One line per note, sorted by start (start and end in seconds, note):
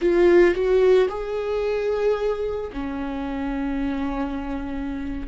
0.01 0.54 F4
0.54 1.08 F#4
1.08 2.71 G#4
2.72 5.27 C#4